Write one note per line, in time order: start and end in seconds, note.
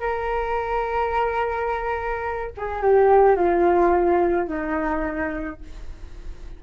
0.00 2.52 A#4
2.57 2.82 G#4
2.82 3.36 G4
3.36 4.48 F4
4.48 5.60 D#4